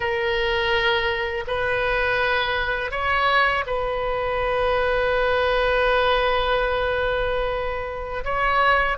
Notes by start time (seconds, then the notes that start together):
0.00 A#4
1.47 B4
2.91 C#5
3.66 B4
8.24 C#5